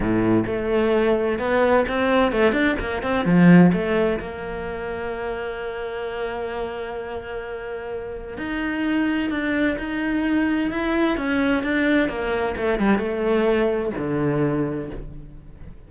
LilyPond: \new Staff \with { instrumentName = "cello" } { \time 4/4 \tempo 4 = 129 a,4 a2 b4 | c'4 a8 d'8 ais8 c'8 f4 | a4 ais2.~ | ais1~ |
ais2 dis'2 | d'4 dis'2 e'4 | cis'4 d'4 ais4 a8 g8 | a2 d2 | }